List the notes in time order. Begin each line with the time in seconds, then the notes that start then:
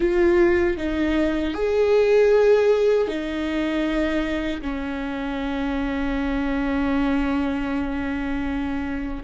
0.00 F4
0.77 D#4
1.53 G#4
3.07 D#4
4.62 C#4